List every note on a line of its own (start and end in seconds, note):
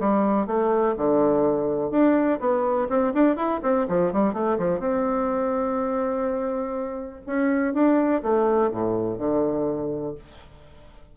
0.00 0.47 G3
0.47 0.95 A3
0.97 1.91 D3
1.91 2.40 D4
2.40 2.88 B3
2.89 3.13 C4
3.14 3.36 D4
3.36 3.60 E4
3.63 3.87 C4
3.88 4.13 F3
4.13 4.34 G3
4.34 4.58 A3
4.58 4.79 F3
4.79 7.21 C4
7.27 7.74 C#4
7.74 8.22 D4
8.23 8.71 A3
8.71 9.18 A2
9.18 10.15 D3